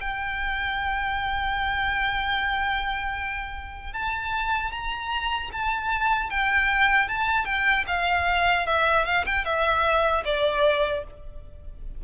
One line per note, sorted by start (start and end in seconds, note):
0.00 3.93 G5
3.93 4.72 A5
4.72 5.50 A#5
5.52 6.30 A5
6.30 7.08 G5
7.08 7.45 A5
7.45 7.84 G5
7.87 8.66 F5
8.66 9.05 E5
9.05 9.25 F5
9.25 9.44 G5
9.44 10.23 E5
10.25 11.03 D5